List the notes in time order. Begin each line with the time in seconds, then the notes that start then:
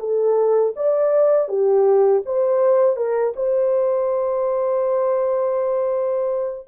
0.00 A4
0.76 D5
1.49 G4
2.26 C5
2.97 A#4
3.37 C5